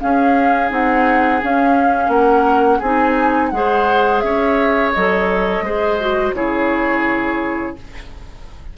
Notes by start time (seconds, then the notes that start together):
0.00 C#4 G#4 F5
0.70 C4 D#4 F#5
1.41 C#4 F5
2.08 A#3 A#4 F#5
2.79 C4 D#4 G#4 G#5
3.50 G#3 G#4 F#5
3.57 C5
4.20 C#4 C#5 E5
4.92 F#3 A4 D#5
5.62 G#3 G#4 C5
6.00 F#4
6.33 C#3 E4 G#4 C#5